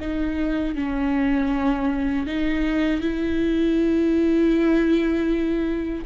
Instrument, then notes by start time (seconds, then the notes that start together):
viola
0.00 D#4
0.75 C#4
2.26 D#4
3.01 E4